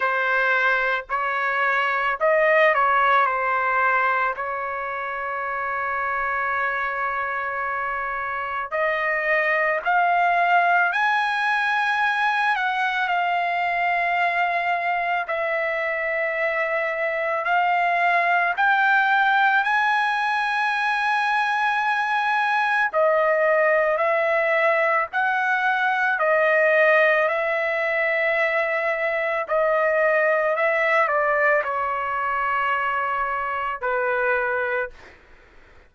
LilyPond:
\new Staff \with { instrumentName = "trumpet" } { \time 4/4 \tempo 4 = 55 c''4 cis''4 dis''8 cis''8 c''4 | cis''1 | dis''4 f''4 gis''4. fis''8 | f''2 e''2 |
f''4 g''4 gis''2~ | gis''4 dis''4 e''4 fis''4 | dis''4 e''2 dis''4 | e''8 d''8 cis''2 b'4 | }